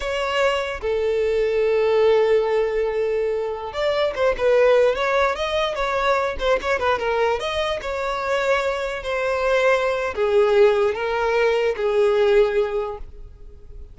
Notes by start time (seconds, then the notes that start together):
0.00 C#5
0.81 A4
3.73 D5
4.15 C5
4.37 B4
4.95 C#5
5.35 D#5
5.75 C#5
6.39 C5
6.61 C#5
6.79 B4
6.98 A#4
7.39 D#5
7.81 C#5
9.03 C5
10.14 G#4
10.94 A#4
11.76 G#4